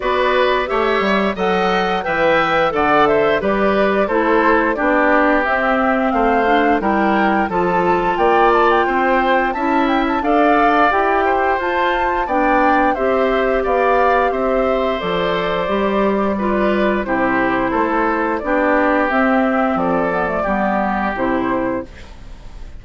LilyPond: <<
  \new Staff \with { instrumentName = "flute" } { \time 4/4 \tempo 4 = 88 d''4 e''4 fis''4 g''4 | fis''8 e''8 d''4 c''4 d''4 | e''4 f''4 g''4 a''4 | g''8 a''16 g''4~ g''16 a''8 g''16 a''16 f''4 |
g''4 a''4 g''4 e''4 | f''4 e''4 d''2~ | d''4 c''2 d''4 | e''4 d''2 c''4 | }
  \new Staff \with { instrumentName = "oboe" } { \time 4/4 b'4 cis''4 dis''4 e''4 | d''8 c''8 b'4 a'4 g'4~ | g'4 c''4 ais'4 a'4 | d''4 c''4 e''4 d''4~ |
d''8 c''4. d''4 c''4 | d''4 c''2. | b'4 g'4 a'4 g'4~ | g'4 a'4 g'2 | }
  \new Staff \with { instrumentName = "clarinet" } { \time 4/4 fis'4 g'4 a'4 b'4 | a'4 g'4 e'4 d'4 | c'4. d'8 e'4 f'4~ | f'2 e'4 a'4 |
g'4 f'4 d'4 g'4~ | g'2 a'4 g'4 | f'4 e'2 d'4 | c'4. b16 a16 b4 e'4 | }
  \new Staff \with { instrumentName = "bassoon" } { \time 4/4 b4 a8 g8 fis4 e4 | d4 g4 a4 b4 | c'4 a4 g4 f4 | ais4 c'4 cis'4 d'4 |
e'4 f'4 b4 c'4 | b4 c'4 f4 g4~ | g4 c4 a4 b4 | c'4 f4 g4 c4 | }
>>